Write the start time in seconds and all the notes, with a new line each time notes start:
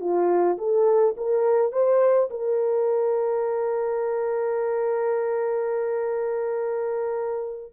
0.00 F4
0.58 A4
1.17 A#4
1.72 C5
2.30 A#4